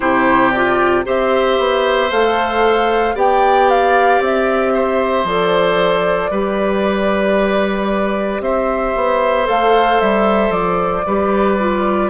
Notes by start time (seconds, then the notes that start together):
0.00 C3 E4 G4 C5
0.51 F4 D5
1.04 C4 G4 C5 E5
1.58 B3
2.10 A3 A4 F5
3.15 B3 G4 D5 G5
3.69 F5
4.19 C4 E5
4.73 C5
5.23 F3 A4 D5
6.30 G3 G4 B4
8.40 C4 C5 E5
8.95 B3
9.45 A3 A4 F5
10.00 G3 E5
10.50 F3 D5
11.06 G3 G4 B4
11.59 F4